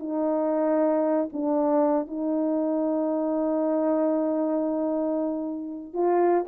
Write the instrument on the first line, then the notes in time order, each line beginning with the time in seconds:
horn
0.00 D#4
1.33 D4
2.08 D#4
5.94 F4